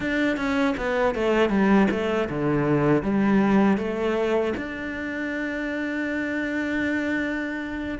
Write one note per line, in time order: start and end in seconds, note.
0.00 0.36 D4
0.36 0.74 C#4
0.77 1.14 B3
1.14 1.49 A3
1.49 1.87 G3
1.91 2.29 A3
2.29 3.02 D3
3.02 3.77 G3
3.77 4.53 A3
4.56 7.98 D4